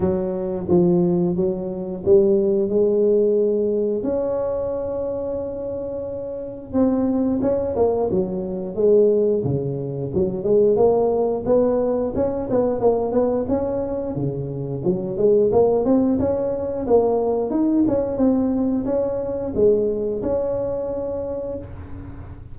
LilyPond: \new Staff \with { instrumentName = "tuba" } { \time 4/4 \tempo 4 = 89 fis4 f4 fis4 g4 | gis2 cis'2~ | cis'2 c'4 cis'8 ais8 | fis4 gis4 cis4 fis8 gis8 |
ais4 b4 cis'8 b8 ais8 b8 | cis'4 cis4 fis8 gis8 ais8 c'8 | cis'4 ais4 dis'8 cis'8 c'4 | cis'4 gis4 cis'2 | }